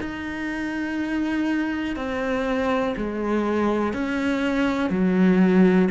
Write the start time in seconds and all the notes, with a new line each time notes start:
0.00 D#4
1.96 C4
2.96 G#3
3.93 C#4
4.90 F#3